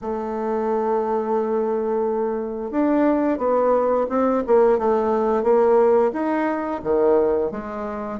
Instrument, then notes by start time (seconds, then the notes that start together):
bassoon
0.01 A3
2.71 D4
3.37 B3
4.09 C4
4.47 A#3
4.78 A3
5.43 A#3
6.12 D#4
6.83 D#3
7.51 G#3